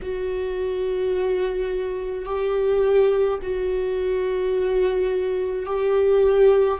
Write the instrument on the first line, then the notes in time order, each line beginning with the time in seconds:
viola
0.02 F#4
2.25 G4
3.42 F#4
5.66 G4